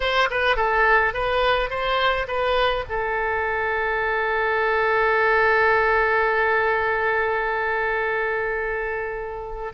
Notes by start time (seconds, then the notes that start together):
0.00 C5
0.30 B4
0.56 A4
1.13 B4
1.69 C5
2.27 B4
2.89 A4